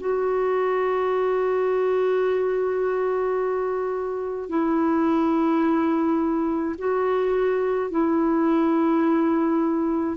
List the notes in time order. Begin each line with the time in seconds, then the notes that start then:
0.00 F#4
4.49 E4
6.79 F#4
7.91 E4